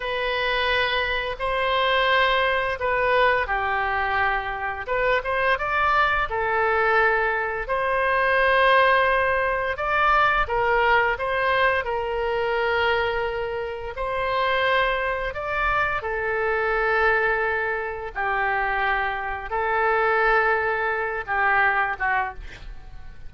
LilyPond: \new Staff \with { instrumentName = "oboe" } { \time 4/4 \tempo 4 = 86 b'2 c''2 | b'4 g'2 b'8 c''8 | d''4 a'2 c''4~ | c''2 d''4 ais'4 |
c''4 ais'2. | c''2 d''4 a'4~ | a'2 g'2 | a'2~ a'8 g'4 fis'8 | }